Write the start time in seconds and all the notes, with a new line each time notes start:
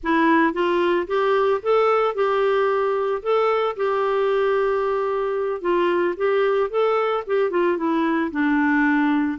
0.03 E4
0.53 F4
1.07 G4
1.62 A4
2.15 G4
3.22 A4
3.76 G4
5.61 F4
6.17 G4
6.70 A4
7.26 G4
7.50 F4
7.77 E4
8.31 D4